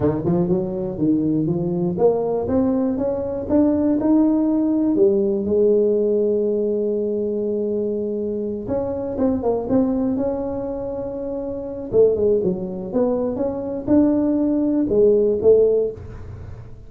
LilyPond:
\new Staff \with { instrumentName = "tuba" } { \time 4/4 \tempo 4 = 121 dis8 f8 fis4 dis4 f4 | ais4 c'4 cis'4 d'4 | dis'2 g4 gis4~ | gis1~ |
gis4. cis'4 c'8 ais8 c'8~ | c'8 cis'2.~ cis'8 | a8 gis8 fis4 b4 cis'4 | d'2 gis4 a4 | }